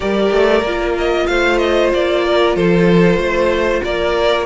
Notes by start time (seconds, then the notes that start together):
0.00 G3 G4 A#4 D5
0.31 A3
0.62 A#3 F4
0.98 D#5
1.26 A3 C5 F5
1.58 D#5
1.94 A#3 D5
2.24 A#4
2.55 F3 A4 C5
3.17 A3 C5
3.84 A#3 A#4 D5